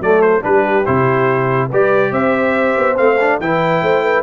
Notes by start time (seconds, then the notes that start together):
0.00 F#3 A3 A4 D5
0.22 C5
0.41 G3 D4 G4 B4
0.86 C3 E4 C5
1.68 G3 G4 B4 D5
2.12 C4 C5 E5
2.77 B3
2.96 A3 C4 F5
3.20 D4
3.40 E3 E4 B4 G5
3.82 A3 C5
4.03 B4